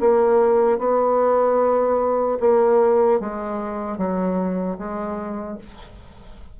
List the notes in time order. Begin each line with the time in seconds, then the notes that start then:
0.00 A#3
0.79 B3
2.40 A#3
3.20 G#3
3.98 F#3
4.78 G#3